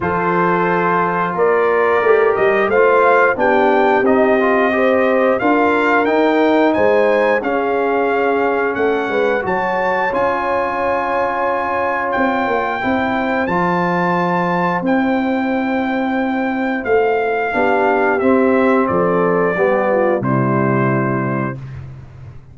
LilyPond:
<<
  \new Staff \with { instrumentName = "trumpet" } { \time 4/4 \tempo 4 = 89 c''2 d''4. dis''8 | f''4 g''4 dis''2 | f''4 g''4 gis''4 f''4~ | f''4 fis''4 a''4 gis''4~ |
gis''2 g''2 | a''2 g''2~ | g''4 f''2 e''4 | d''2 c''2 | }
  \new Staff \with { instrumentName = "horn" } { \time 4/4 a'2 ais'2 | c''4 g'2 c''4 | ais'2 c''4 gis'4~ | gis'4 a'8 b'8 cis''2~ |
cis''2. c''4~ | c''1~ | c''2 g'2 | a'4 g'8 f'8 e'2 | }
  \new Staff \with { instrumentName = "trombone" } { \time 4/4 f'2. g'4 | f'4 d'4 dis'8 f'8 g'4 | f'4 dis'2 cis'4~ | cis'2 fis'4 f'4~ |
f'2. e'4 | f'2 e'2~ | e'2 d'4 c'4~ | c'4 b4 g2 | }
  \new Staff \with { instrumentName = "tuba" } { \time 4/4 f2 ais4 a8 g8 | a4 b4 c'2 | d'4 dis'4 gis4 cis'4~ | cis'4 a8 gis8 fis4 cis'4~ |
cis'2 c'8 ais8 c'4 | f2 c'2~ | c'4 a4 b4 c'4 | f4 g4 c2 | }
>>